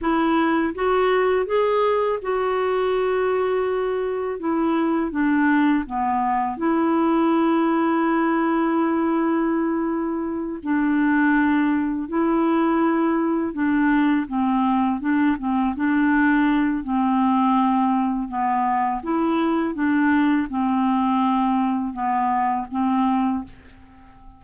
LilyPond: \new Staff \with { instrumentName = "clarinet" } { \time 4/4 \tempo 4 = 82 e'4 fis'4 gis'4 fis'4~ | fis'2 e'4 d'4 | b4 e'2.~ | e'2~ e'8 d'4.~ |
d'8 e'2 d'4 c'8~ | c'8 d'8 c'8 d'4. c'4~ | c'4 b4 e'4 d'4 | c'2 b4 c'4 | }